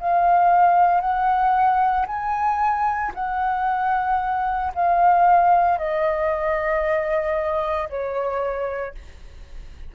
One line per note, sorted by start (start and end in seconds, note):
0.00 1.01 F5
1.01 2.06 F#5
2.07 3.12 G#5
3.15 4.73 F#5
4.75 5.78 F5
5.78 7.89 D#5
7.89 8.95 C#5